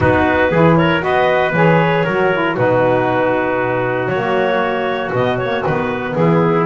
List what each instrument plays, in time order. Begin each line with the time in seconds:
0.00 double bass B3, saxophone D#4, trumpet F#4, clarinet B4
0.50 double bass E3, saxophone E4, trumpet G#4
0.77 trumpet A#4, clarinet C#5
1.00 double bass B3, saxophone F#4, trumpet B4, clarinet D#5
1.53 double bass E3, saxophone G#4, clarinet C#5
2.04 double bass F#3, saxophone F#4, trumpet A#4
2.33 saxophone E4
2.55 double bass B2, saxophone D#4, trumpet F#4, clarinet B4
4.07 double bass F#3, saxophone A#3, clarinet C#5
5.12 double bass B2, saxophone B3, clarinet D#5
5.37 saxophone A#3, clarinet C#5
5.64 double bass D#3, saxophone B3, clarinet B4
6.14 double bass E3, trumpet E4, clarinet G#4